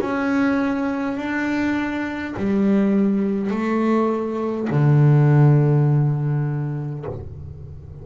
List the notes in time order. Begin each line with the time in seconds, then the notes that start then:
0.00 C#4
1.17 D4
2.36 G3
3.50 A3
4.70 D3